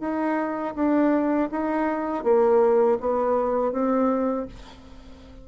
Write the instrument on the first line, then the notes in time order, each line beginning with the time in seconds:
bassoon
0.00 D#4
0.75 D4
1.51 D#4
2.23 A#3
3.00 B3
3.72 C4